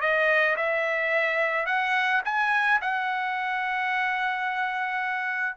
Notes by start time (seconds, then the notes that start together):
0.00 D#5
0.56 E5
1.66 F#5
2.24 G#5
2.81 F#5